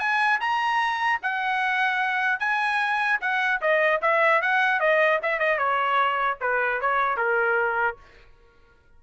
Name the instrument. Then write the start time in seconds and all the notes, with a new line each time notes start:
trumpet
0.00 G#5
0.41 A#5
1.23 F#5
2.40 G#5
3.21 F#5
3.61 D#5
4.02 E5
4.42 F#5
4.80 D#5
5.23 E5
5.39 D#5
5.58 C#5
6.41 B4
6.81 C#5
7.17 A#4